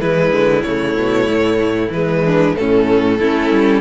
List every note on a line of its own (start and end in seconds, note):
0.00 0.31 E3
0.00 0.64 G#3
0.00 2.24 E4
0.00 0.62 B4
0.31 0.63 D3
0.62 0.95 C#3
0.62 1.93 A3
0.62 1.90 C#5
0.95 1.27 B2
1.28 1.89 A2
1.89 2.53 E3
1.89 2.56 G#3
1.89 2.55 B4
2.24 2.56 D4
2.55 3.20 A2
2.55 3.20 A3
2.55 3.20 C#4
2.55 3.81 A4
3.20 3.51 A3
3.20 3.81 C#4
3.20 3.81 E4
3.51 3.81 G3